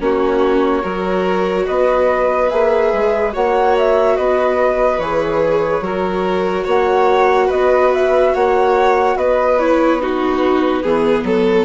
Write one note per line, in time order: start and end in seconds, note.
0.00 0.83 A#3
0.00 0.82 C#4
0.00 0.83 F#4
0.00 1.66 C#5
0.82 1.67 F#3
0.82 2.49 F#4
0.82 1.66 A#4
1.66 2.52 B3
1.66 3.34 B4
1.66 2.49 D#5
2.49 2.93 A#3
2.49 3.32 G#4
2.49 3.32 E5
2.93 3.34 G#3
3.32 4.18 A#3
3.32 4.99 F#4
3.32 4.17 C#5
3.32 3.76 F#5
3.77 4.16 E5
4.16 4.99 B3
4.16 5.83 B4
4.16 4.99 D#5
4.99 5.80 E3
4.99 5.83 G#4
4.99 6.66 C#5
5.80 6.64 F#3
5.80 9.58 F#4
5.80 6.64 A#4
6.64 7.50 A#3
6.64 7.46 C#5
6.64 7.51 F#5
7.46 8.34 B3
7.46 8.30 B4
7.46 7.92 D#5
7.94 8.34 E5
8.34 9.16 A#3
8.34 9.17 C#5
8.34 9.17 F#5
9.16 10.82 B3
9.16 10.02 B4
9.16 9.59 D#5
9.59 10.00 E4
9.59 10.01 C#5
10.00 10.84 D#4
10.00 10.82 F#4
10.00 11.65 B4
10.82 11.23 E3
10.82 11.65 B3
10.82 11.24 G#4
11.23 11.65 F#3
11.23 11.65 A4